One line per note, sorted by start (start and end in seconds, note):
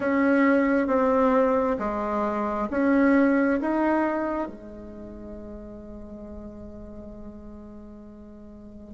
0.00 0.87 C#4
0.87 1.77 C4
1.79 2.68 G#3
2.70 3.59 C#4
3.60 4.48 D#4
4.48 8.94 G#3